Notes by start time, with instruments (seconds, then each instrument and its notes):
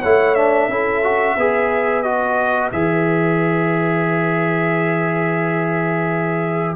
0.00 tuba A3, trombone E4, horn C#5, trumpet F#5
0.35 trombone D4, trumpet E5
0.68 tuba C#4, trombone E4, horn A4
1.03 trombone F#4
1.36 tuba B3, trombone G#4, horn B4
2.02 trombone F#4, trumpet D#5
2.72 tuba E3, trombone G#4, trumpet E5